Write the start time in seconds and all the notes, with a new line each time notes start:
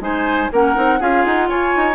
0.00 G#3 D#4 C5 G#5
0.52 A#3 C#4 A#4 F#5
0.75 C4 D#4
0.99 C#4 F4 G#4 F5
1.25 D#4 F#5
1.49 F4 C#5 G#5
1.76 D#4